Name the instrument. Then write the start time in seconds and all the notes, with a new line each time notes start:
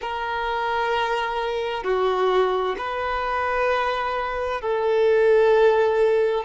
violin
0.01 A#4
1.83 F#4
2.77 B4
4.61 A4